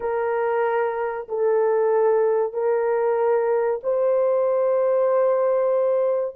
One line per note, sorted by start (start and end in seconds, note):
0.00 1.27 A#4
1.28 2.53 A4
2.53 3.80 A#4
3.83 6.35 C5